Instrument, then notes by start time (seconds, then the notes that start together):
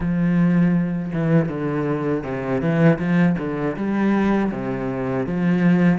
cello
0.00 F3
1.13 E3
1.49 D3
2.23 C3
2.61 E3
2.98 F3
3.38 D3
3.76 G3
4.51 C3
5.26 F3